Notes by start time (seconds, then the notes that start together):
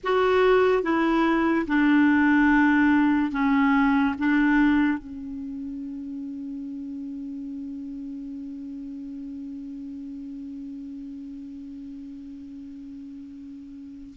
0.03 F#4
0.82 E4
1.67 D4
3.31 C#4
4.18 D4
4.98 C#4